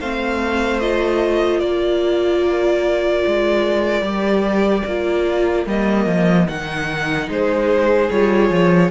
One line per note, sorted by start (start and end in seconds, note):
0.00 1.61 A3
0.00 0.81 C4
0.00 1.62 C5
0.00 0.80 F5
0.80 4.03 F4
0.80 1.60 D#5
1.60 3.23 A#3
1.60 7.30 A#4
1.60 5.65 D5
3.27 4.01 G#3
4.01 4.82 G3
4.01 4.84 G4
4.86 5.66 A#3
4.86 5.68 F4
5.66 6.06 G3
5.66 6.47 A#3
5.66 6.48 D#5
6.06 6.47 F3
6.47 7.29 D#3
6.47 8.09 D#4
6.47 7.29 F#5
7.29 8.10 G#3
7.29 8.91 G#4
7.29 8.10 C5
8.10 8.50 G3
8.10 8.91 F4
8.10 8.91 C#5
8.50 8.90 F3